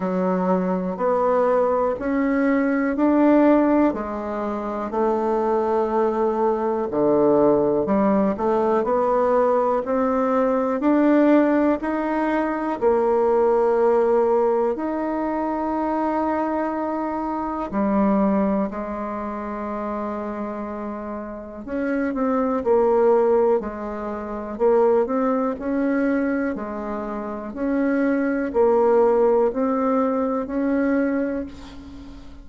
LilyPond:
\new Staff \with { instrumentName = "bassoon" } { \time 4/4 \tempo 4 = 61 fis4 b4 cis'4 d'4 | gis4 a2 d4 | g8 a8 b4 c'4 d'4 | dis'4 ais2 dis'4~ |
dis'2 g4 gis4~ | gis2 cis'8 c'8 ais4 | gis4 ais8 c'8 cis'4 gis4 | cis'4 ais4 c'4 cis'4 | }